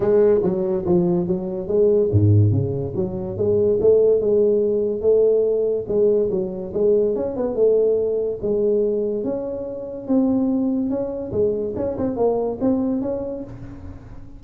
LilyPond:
\new Staff \with { instrumentName = "tuba" } { \time 4/4 \tempo 4 = 143 gis4 fis4 f4 fis4 | gis4 gis,4 cis4 fis4 | gis4 a4 gis2 | a2 gis4 fis4 |
gis4 cis'8 b8 a2 | gis2 cis'2 | c'2 cis'4 gis4 | cis'8 c'8 ais4 c'4 cis'4 | }